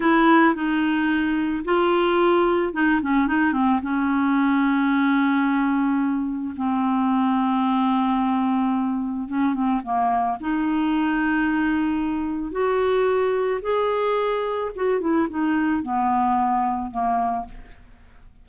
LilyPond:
\new Staff \with { instrumentName = "clarinet" } { \time 4/4 \tempo 4 = 110 e'4 dis'2 f'4~ | f'4 dis'8 cis'8 dis'8 c'8 cis'4~ | cis'1 | c'1~ |
c'4 cis'8 c'8 ais4 dis'4~ | dis'2. fis'4~ | fis'4 gis'2 fis'8 e'8 | dis'4 b2 ais4 | }